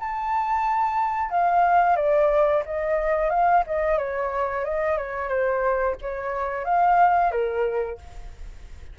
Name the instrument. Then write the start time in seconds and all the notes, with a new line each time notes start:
flute
0.00 A5
1.31 F5
1.97 D5
2.66 D#5
3.30 F5
3.67 D#5
3.98 C#5
4.65 D#5
4.98 C#5
5.29 C5
6.02 C#5
6.65 F5
7.32 A#4